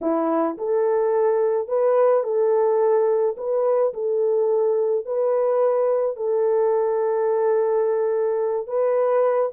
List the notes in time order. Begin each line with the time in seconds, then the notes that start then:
0.01 E4
0.57 A4
1.68 B4
2.23 A4
3.37 B4
3.93 A4
5.05 B4
6.16 A4
8.67 B4